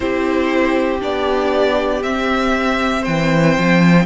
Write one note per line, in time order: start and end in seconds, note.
0.00 1.01 C4
0.00 1.00 E4
0.00 3.01 G4
0.00 1.00 C5
1.00 2.03 B3
1.00 2.01 D4
1.00 2.03 D5
2.03 4.06 C4
2.03 3.05 C4
2.03 3.04 E5
3.01 3.57 E3
3.01 4.03 C5
3.01 4.06 G5
3.57 4.06 F3